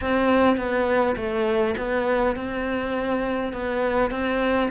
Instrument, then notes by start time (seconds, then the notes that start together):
cello
0.01 C4
0.56 B3
1.16 A3
1.77 B3
2.36 C4
3.53 B3
4.10 C4